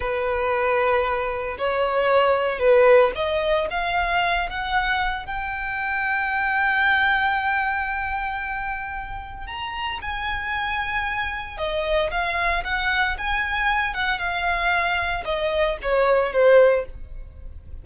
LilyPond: \new Staff \with { instrumentName = "violin" } { \time 4/4 \tempo 4 = 114 b'2. cis''4~ | cis''4 b'4 dis''4 f''4~ | f''8 fis''4. g''2~ | g''1~ |
g''2 ais''4 gis''4~ | gis''2 dis''4 f''4 | fis''4 gis''4. fis''8 f''4~ | f''4 dis''4 cis''4 c''4 | }